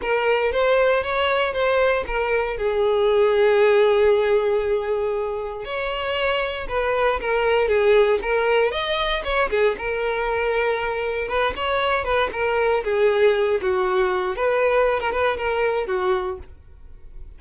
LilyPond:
\new Staff \with { instrumentName = "violin" } { \time 4/4 \tempo 4 = 117 ais'4 c''4 cis''4 c''4 | ais'4 gis'2.~ | gis'2. cis''4~ | cis''4 b'4 ais'4 gis'4 |
ais'4 dis''4 cis''8 gis'8 ais'4~ | ais'2 b'8 cis''4 b'8 | ais'4 gis'4. fis'4. | b'4~ b'16 ais'16 b'8 ais'4 fis'4 | }